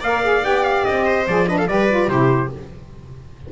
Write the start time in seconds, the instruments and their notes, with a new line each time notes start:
0.00 double bass A#3, saxophone A#4, viola D5, trumpet F5
0.23 saxophone G#4
0.42 double bass B3, saxophone G4, trumpet G5
0.64 trumpet F5
0.84 double bass C4, trumpet D#5
1.05 viola C5
1.27 double bass F3, saxophone G#4, trumpet D5
1.46 saxophone D4, viola B4, trumpet D#5
1.58 viola A4, trumpet F5
1.67 double bass G3, saxophone G4, viola B4, trumpet D5
1.89 saxophone F4
2.07 double bass C3, saxophone E4, viola G4, trumpet C5